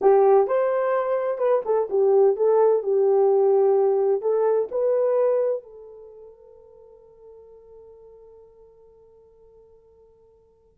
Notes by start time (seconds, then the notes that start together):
0.01 G4
0.47 C5
1.38 B4
1.65 A4
1.89 G4
2.36 A4
2.82 G4
4.21 A4
4.71 B4
5.62 A4